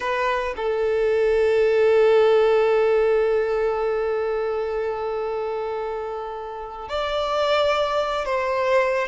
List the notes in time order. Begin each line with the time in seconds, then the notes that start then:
0.00 B4
0.56 A4
6.88 D5
8.25 C5